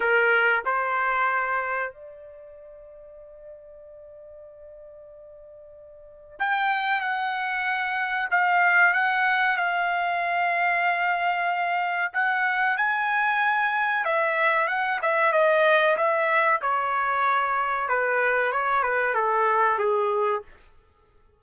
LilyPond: \new Staff \with { instrumentName = "trumpet" } { \time 4/4 \tempo 4 = 94 ais'4 c''2 d''4~ | d''1~ | d''2 g''4 fis''4~ | fis''4 f''4 fis''4 f''4~ |
f''2. fis''4 | gis''2 e''4 fis''8 e''8 | dis''4 e''4 cis''2 | b'4 cis''8 b'8 a'4 gis'4 | }